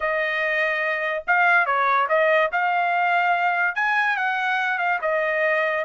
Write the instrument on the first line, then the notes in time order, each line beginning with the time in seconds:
trumpet
0.00 D#5
1.27 F5
1.66 C#5
2.09 D#5
2.52 F5
3.75 G#5
4.16 F#5
4.78 F5
5.01 D#5